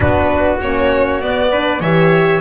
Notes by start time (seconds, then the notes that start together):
0.00 B3 D4 F#4 B4
0.61 A#3 C#4 C#5
1.21 B3 D5
1.51 D4 B4
1.80 E3 G4 C#5 E5